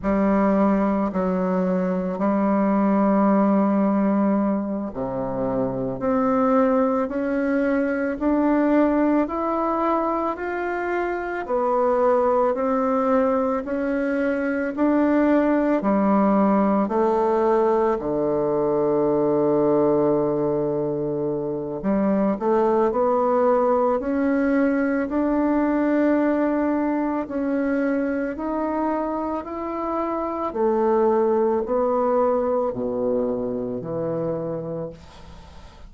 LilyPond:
\new Staff \with { instrumentName = "bassoon" } { \time 4/4 \tempo 4 = 55 g4 fis4 g2~ | g8 c4 c'4 cis'4 d'8~ | d'8 e'4 f'4 b4 c'8~ | c'8 cis'4 d'4 g4 a8~ |
a8 d2.~ d8 | g8 a8 b4 cis'4 d'4~ | d'4 cis'4 dis'4 e'4 | a4 b4 b,4 e4 | }